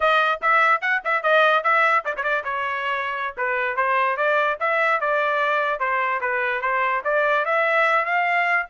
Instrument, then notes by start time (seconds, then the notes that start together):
trumpet
0.00 D#5
0.41 E5
0.81 F#5
1.04 E5
1.22 D#5
1.63 E5
2.04 D5
2.16 C#5
2.23 D5
2.44 C#5
3.37 B4
3.76 C5
4.17 D5
4.60 E5
5.00 D5
5.79 C5
6.21 B4
6.61 C5
7.04 D5
7.45 E5
8.05 F5